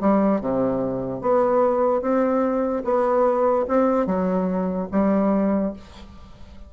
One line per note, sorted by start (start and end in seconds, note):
0.00 0.40 G3
0.40 1.21 C3
1.21 2.01 B3
2.01 2.83 C4
2.84 3.66 B3
3.68 4.06 C4
4.06 4.88 F#3
4.91 5.73 G3